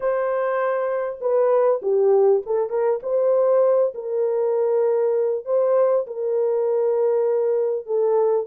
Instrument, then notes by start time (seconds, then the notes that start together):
horn
0.00 C5
1.20 B4
1.82 G4
2.45 A4
2.69 A#4
3.02 C5
3.94 A#4
5.45 C5
6.06 A#4
7.85 A4